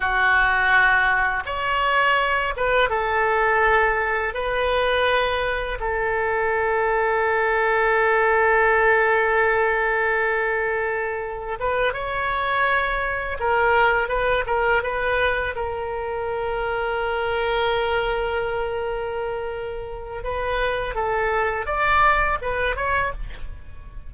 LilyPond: \new Staff \with { instrumentName = "oboe" } { \time 4/4 \tempo 4 = 83 fis'2 cis''4. b'8 | a'2 b'2 | a'1~ | a'1 |
b'8 cis''2 ais'4 b'8 | ais'8 b'4 ais'2~ ais'8~ | ais'1 | b'4 a'4 d''4 b'8 cis''8 | }